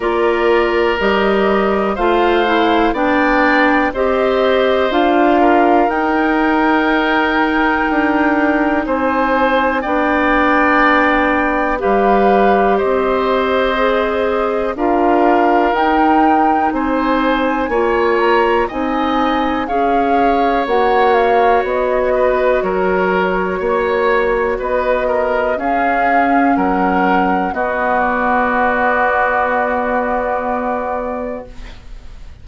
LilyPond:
<<
  \new Staff \with { instrumentName = "flute" } { \time 4/4 \tempo 4 = 61 d''4 dis''4 f''4 g''4 | dis''4 f''4 g''2~ | g''4 gis''4 g''2 | f''4 dis''2 f''4 |
g''4 gis''4. ais''8 gis''4 | f''4 fis''8 f''8 dis''4 cis''4~ | cis''4 dis''4 f''4 fis''4 | dis''8 d''2.~ d''8 | }
  \new Staff \with { instrumentName = "oboe" } { \time 4/4 ais'2 c''4 d''4 | c''4. ais'2~ ais'8~ | ais'4 c''4 d''2 | b'4 c''2 ais'4~ |
ais'4 c''4 cis''4 dis''4 | cis''2~ cis''8 b'8 ais'4 | cis''4 b'8 ais'8 gis'4 ais'4 | fis'1 | }
  \new Staff \with { instrumentName = "clarinet" } { \time 4/4 f'4 g'4 f'8 e'8 d'4 | g'4 f'4 dis'2~ | dis'2 d'2 | g'2 gis'4 f'4 |
dis'2 f'4 dis'4 | gis'4 fis'2.~ | fis'2 cis'2 | b1 | }
  \new Staff \with { instrumentName = "bassoon" } { \time 4/4 ais4 g4 a4 b4 | c'4 d'4 dis'2 | d'4 c'4 b2 | g4 c'2 d'4 |
dis'4 c'4 ais4 c'4 | cis'4 ais4 b4 fis4 | ais4 b4 cis'4 fis4 | b1 | }
>>